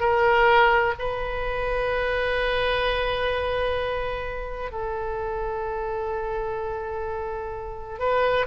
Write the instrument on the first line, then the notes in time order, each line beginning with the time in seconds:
oboe
0.00 A#4
0.98 B4
4.72 A4
7.99 B4